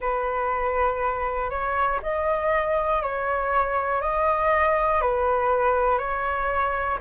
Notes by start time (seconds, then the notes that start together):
0.00 B4
1.50 C#5
2.02 D#5
3.02 C#5
4.01 D#5
5.01 B4
5.98 C#5